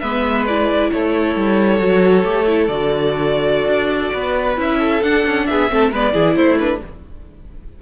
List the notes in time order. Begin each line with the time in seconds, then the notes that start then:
0.00 G#3 B3 B4 E5
0.46 E4 D5
0.91 A3 A4 C#5
1.36 G3
1.79 F#3 F#4
2.24 A3 G4
2.47 E4
2.68 D3 F#4 D5
3.67 D4
4.13 B3 B4
4.56 C#4 E4 E5
4.79 A4
5.02 D4 F#5
5.26 C#4
5.47 B3 G#4 E5
5.69 A3 C4 A4
5.91 G#3 B3 B4 D5
6.14 E3 E4 G#4
6.36 A3 E4 C5
6.59 D4 B4